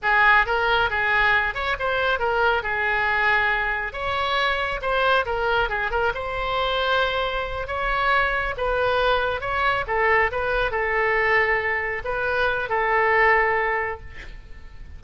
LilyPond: \new Staff \with { instrumentName = "oboe" } { \time 4/4 \tempo 4 = 137 gis'4 ais'4 gis'4. cis''8 | c''4 ais'4 gis'2~ | gis'4 cis''2 c''4 | ais'4 gis'8 ais'8 c''2~ |
c''4. cis''2 b'8~ | b'4. cis''4 a'4 b'8~ | b'8 a'2. b'8~ | b'4 a'2. | }